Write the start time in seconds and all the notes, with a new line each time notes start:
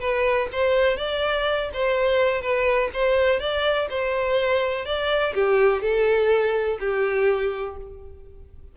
0.00 B4
0.52 C5
0.97 D5
1.73 C5
2.41 B4
2.93 C5
3.40 D5
3.90 C5
4.85 D5
5.34 G4
5.82 A4
6.80 G4